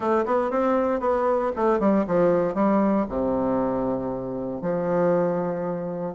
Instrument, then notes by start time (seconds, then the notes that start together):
bassoon
0.00 A3
0.25 B3
0.50 C4
1.00 B3
1.56 A3
1.79 G3
2.07 F3
2.54 G3
3.08 C3
4.61 F3